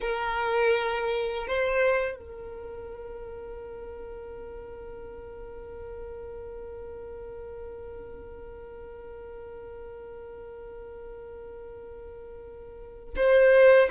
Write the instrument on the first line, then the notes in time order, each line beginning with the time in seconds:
violin
0.00 A#4
1.47 C5
2.16 A#4
13.16 C5